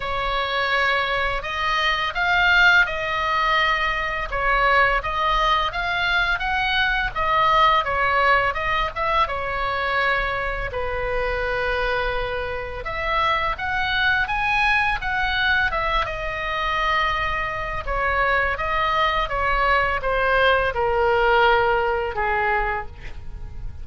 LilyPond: \new Staff \with { instrumentName = "oboe" } { \time 4/4 \tempo 4 = 84 cis''2 dis''4 f''4 | dis''2 cis''4 dis''4 | f''4 fis''4 dis''4 cis''4 | dis''8 e''8 cis''2 b'4~ |
b'2 e''4 fis''4 | gis''4 fis''4 e''8 dis''4.~ | dis''4 cis''4 dis''4 cis''4 | c''4 ais'2 gis'4 | }